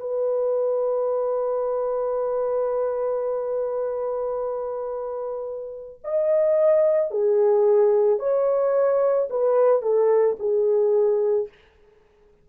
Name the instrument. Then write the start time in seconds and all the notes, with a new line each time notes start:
horn
0.00 B4
6.04 D#5
7.11 G#4
8.19 C#5
9.30 B4
9.82 A4
10.39 G#4